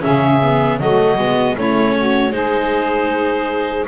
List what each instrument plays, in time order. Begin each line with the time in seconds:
0.00 double bass C#3, viola C#4, saxophone G#4, clarinet E5
0.42 viola B3
0.78 double bass F#3, viola A3, saxophone F#4, clarinet D#5
1.17 double bass G#3, viola B3
1.56 double bass A3, viola C#4, saxophone E4, clarinet C#5
1.97 saxophone F#4
2.31 double bass G#3, viola D#4, saxophone G#4, clarinet C5